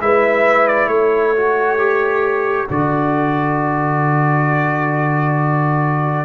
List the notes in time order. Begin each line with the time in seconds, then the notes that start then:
0.00 G#3 E4 B4 E5
0.68 D5
0.87 A3 A4 C#5
1.36 F#4
1.79 G4
2.69 D3 F#4 D5